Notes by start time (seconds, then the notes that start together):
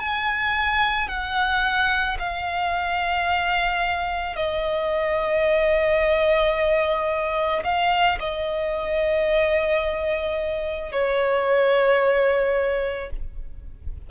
0.00 G#5
1.08 F#5
2.20 F5
4.36 D#5
7.64 F5
8.20 D#5
10.92 C#5